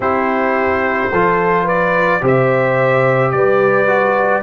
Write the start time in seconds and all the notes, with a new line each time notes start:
0.00 C4 E4 G4 C5
1.11 F3 F4 A4
1.64 B4 D5
2.20 C3 G4 C5
2.27 E5
3.31 G3 B4 D5
3.87 F#4